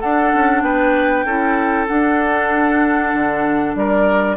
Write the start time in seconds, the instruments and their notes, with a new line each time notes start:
0.00 bassoon D4, clarinet D4, oboe A4, flute F#5
0.34 bassoon C#4
0.62 bassoon B3, oboe B4, flute G5
1.25 bassoon C#4, clarinet E4, oboe A4
1.87 clarinet D4, bassoon D4, flute F#5
3.14 bassoon D3
3.75 bassoon G3, oboe A#4, flute D5